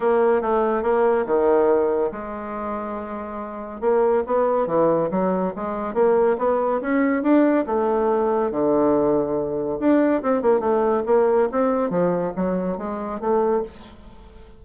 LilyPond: \new Staff \with { instrumentName = "bassoon" } { \time 4/4 \tempo 4 = 141 ais4 a4 ais4 dis4~ | dis4 gis2.~ | gis4 ais4 b4 e4 | fis4 gis4 ais4 b4 |
cis'4 d'4 a2 | d2. d'4 | c'8 ais8 a4 ais4 c'4 | f4 fis4 gis4 a4 | }